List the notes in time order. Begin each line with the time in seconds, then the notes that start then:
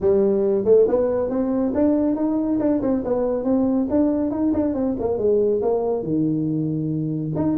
0.00 G3
0.65 A3
0.88 B3
1.29 C4
1.74 D4
2.15 D#4
2.59 D4
2.81 C4
3.04 B3
3.44 C4
3.90 D4
4.30 D#4
4.53 D4
4.73 C4
4.99 A#3
5.18 G#3
5.62 A#3
6.02 D#3
7.35 D#4